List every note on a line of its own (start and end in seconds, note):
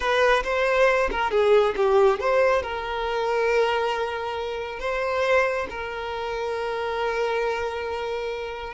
0.00 0.43 B4
0.43 1.09 C5
1.11 1.30 A#4
1.30 1.74 G#4
1.76 2.19 G4
2.19 2.62 C5
2.62 4.79 A#4
4.79 5.67 C5
5.70 8.73 A#4